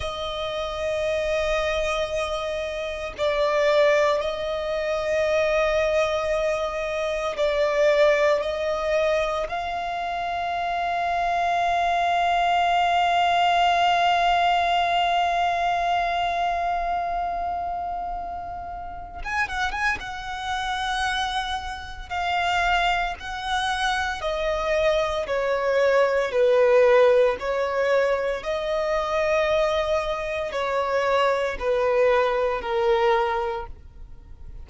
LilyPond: \new Staff \with { instrumentName = "violin" } { \time 4/4 \tempo 4 = 57 dis''2. d''4 | dis''2. d''4 | dis''4 f''2.~ | f''1~ |
f''2~ f''16 gis''16 fis''16 gis''16 fis''4~ | fis''4 f''4 fis''4 dis''4 | cis''4 b'4 cis''4 dis''4~ | dis''4 cis''4 b'4 ais'4 | }